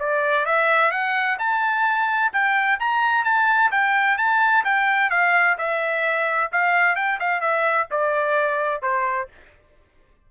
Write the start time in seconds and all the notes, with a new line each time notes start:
0.00 D5
0.46 E5
0.92 F#5
1.39 A5
2.33 G5
2.80 A#5
3.25 A5
3.71 G5
4.18 A5
4.65 G5
5.11 F5
5.58 E5
6.52 F5
6.96 G5
7.20 F5
7.41 E5
7.91 D5
8.82 C5